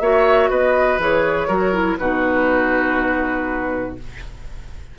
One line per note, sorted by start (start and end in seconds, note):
0.00 0.50 A#3
0.00 1.00 F#4
0.00 0.51 C#5
0.00 0.50 E5
0.50 0.99 B3
0.50 1.48 B4
0.50 1.00 D#5
0.99 1.49 E3
0.99 1.49 G#4
0.99 1.98 C#5
1.48 1.98 F#3
1.48 1.73 F#4
1.48 1.98 A#4
1.73 1.98 E4
1.98 3.98 B2
1.98 3.99 D#4
1.98 3.99 F#4
1.98 3.97 B4